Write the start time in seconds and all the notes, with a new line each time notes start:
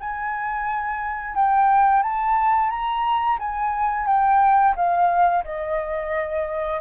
0.00 G#5
1.35 G5
2.03 A5
2.70 A#5
3.39 G#5
4.07 G5
4.76 F5
5.44 D#5